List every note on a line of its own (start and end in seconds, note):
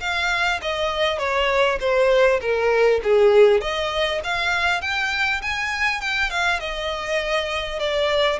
0.00 0.60 F5
0.62 1.18 D#5
1.18 1.78 C#5
1.80 2.40 C5
2.41 3.01 A#4
3.04 3.61 G#4
3.61 4.21 D#5
4.24 4.81 F5
4.81 5.41 G5
5.42 6.01 G#5
6.01 6.30 G5
6.30 6.60 F5
6.60 7.79 D#5
7.79 8.39 D5